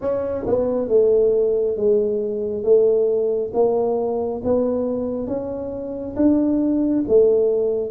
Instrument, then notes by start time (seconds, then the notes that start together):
tuba
0.01 C#4
0.47 B3
0.88 A3
1.76 G#3
2.63 A3
3.53 A#3
4.44 B3
5.27 C#4
6.16 D4
7.07 A3